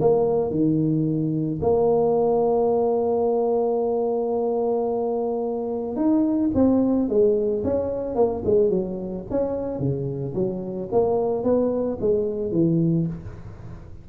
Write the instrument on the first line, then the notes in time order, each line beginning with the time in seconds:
tuba
0.00 A#3
0.50 D#3
1.61 A#3
5.96 D#4
6.54 C4
7.08 G#3
7.64 C#4
8.15 A#3
8.44 G#3
8.70 F#3
9.30 C#4
9.79 C#3
10.34 F#3
10.91 A#3
11.43 B3
12.00 G#3
12.52 E3